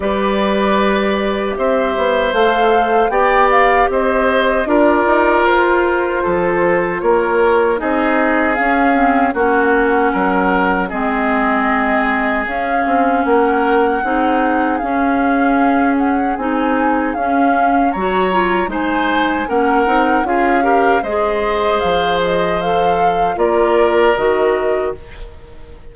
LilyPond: <<
  \new Staff \with { instrumentName = "flute" } { \time 4/4 \tempo 4 = 77 d''2 e''4 f''4 | g''8 f''8 dis''4 d''4 c''4~ | c''4 cis''4 dis''4 f''4 | fis''2 dis''2 |
f''4 fis''2 f''4~ | f''8 fis''8 gis''4 f''4 ais''4 | gis''4 fis''4 f''4 dis''4 | f''8 dis''8 f''4 d''4 dis''4 | }
  \new Staff \with { instrumentName = "oboe" } { \time 4/4 b'2 c''2 | d''4 c''4 ais'2 | a'4 ais'4 gis'2 | fis'4 ais'4 gis'2~ |
gis'4 ais'4 gis'2~ | gis'2. cis''4 | c''4 ais'4 gis'8 ais'8 c''4~ | c''2 ais'2 | }
  \new Staff \with { instrumentName = "clarinet" } { \time 4/4 g'2. a'4 | g'2 f'2~ | f'2 dis'4 cis'8 c'8 | cis'2 c'2 |
cis'2 dis'4 cis'4~ | cis'4 dis'4 cis'4 fis'8 f'8 | dis'4 cis'8 dis'8 f'8 g'8 gis'4~ | gis'4 a'4 f'4 fis'4 | }
  \new Staff \with { instrumentName = "bassoon" } { \time 4/4 g2 c'8 b8 a4 | b4 c'4 d'8 dis'8 f'4 | f4 ais4 c'4 cis'4 | ais4 fis4 gis2 |
cis'8 c'8 ais4 c'4 cis'4~ | cis'4 c'4 cis'4 fis4 | gis4 ais8 c'8 cis'4 gis4 | f2 ais4 dis4 | }
>>